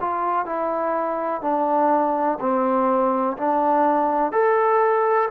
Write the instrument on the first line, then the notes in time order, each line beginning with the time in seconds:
trombone
0.00 F4
0.46 E4
1.41 D4
2.40 C4
3.37 D4
4.32 A4